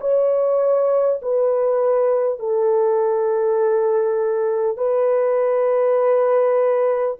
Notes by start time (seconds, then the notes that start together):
0.00 C#5
1.22 B4
2.39 A4
4.77 B4